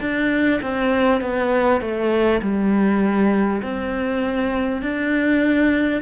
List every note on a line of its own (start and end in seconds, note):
0.00 0.60 D4
0.62 1.21 C4
1.21 1.81 B3
1.81 2.41 A3
2.42 3.62 G3
3.62 4.82 C4
4.82 6.01 D4